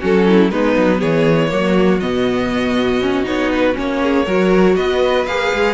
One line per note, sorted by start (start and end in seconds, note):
0.00 0.51 F#3
0.00 0.51 C#4
0.00 0.25 F#4
0.00 0.51 A4
0.27 0.52 E4
0.51 0.76 G#3
0.51 1.49 B3
0.51 0.98 D#4
0.51 1.01 B4
0.77 1.02 F#3
0.98 1.52 E3
0.98 1.48 G#4
0.98 2.00 C#5
1.49 2.02 F#3
1.49 1.99 A#3
1.49 4.02 F#4
2.00 3.26 B2
2.00 3.01 B3
2.00 3.25 D#5
3.01 3.23 C#4
3.23 3.76 B3
3.23 3.73 D#4
3.23 3.52 C#5
3.52 3.77 B4
3.74 4.27 A#3
3.74 4.24 C#4
3.74 4.76 C#5
4.02 4.25 G#4
4.25 4.76 F#3
4.25 5.27 F#4
4.25 4.75 A#4
4.76 5.26 B3
4.76 5.74 B4
4.76 5.26 D#5
5.26 5.52 A#3
5.26 5.74 G#4
5.26 5.74 F5
5.53 5.74 G#3